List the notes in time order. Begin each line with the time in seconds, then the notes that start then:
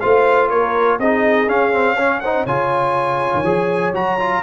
0.00 A3 F4 C5 F5
0.49 A#3 A#4 C#5
0.99 C4 D#4 G#4 D#5
1.47 C#4 F5
1.72 C4
1.95 C#4 C#5
2.20 D#4 C5 F#5
2.44 C#3 F4 C#5 G#5
3.34 D#3
3.43 F3 G#4
3.93 F#3 F#4 A#5
4.19 F4